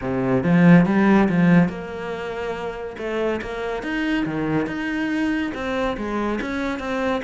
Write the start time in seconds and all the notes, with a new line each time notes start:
0.01 C3
0.43 F3
0.85 G3
1.28 F3
1.68 A#3
2.98 A3
3.41 A#3
3.82 D#4
4.25 D#3
4.66 D#4
5.54 C4
5.97 G#3
6.41 C#4
6.79 C4